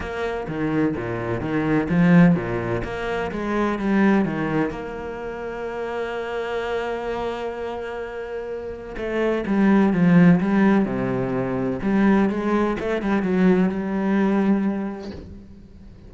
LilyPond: \new Staff \with { instrumentName = "cello" } { \time 4/4 \tempo 4 = 127 ais4 dis4 ais,4 dis4 | f4 ais,4 ais4 gis4 | g4 dis4 ais2~ | ais1~ |
ais2. a4 | g4 f4 g4 c4~ | c4 g4 gis4 a8 g8 | fis4 g2. | }